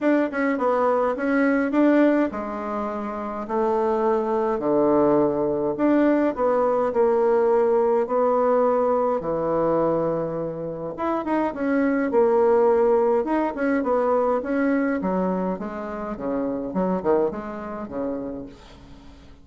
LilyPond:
\new Staff \with { instrumentName = "bassoon" } { \time 4/4 \tempo 4 = 104 d'8 cis'8 b4 cis'4 d'4 | gis2 a2 | d2 d'4 b4 | ais2 b2 |
e2. e'8 dis'8 | cis'4 ais2 dis'8 cis'8 | b4 cis'4 fis4 gis4 | cis4 fis8 dis8 gis4 cis4 | }